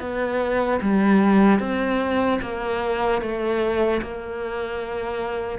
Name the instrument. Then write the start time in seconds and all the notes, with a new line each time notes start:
cello
0.00 B3
0.82 G3
1.60 C4
2.41 A#3
3.21 A3
4.02 A#3